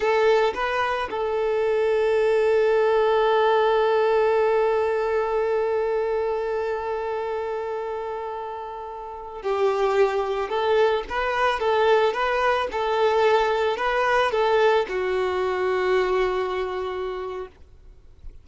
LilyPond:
\new Staff \with { instrumentName = "violin" } { \time 4/4 \tempo 4 = 110 a'4 b'4 a'2~ | a'1~ | a'1~ | a'1~ |
a'4~ a'16 g'2 a'8.~ | a'16 b'4 a'4 b'4 a'8.~ | a'4~ a'16 b'4 a'4 fis'8.~ | fis'1 | }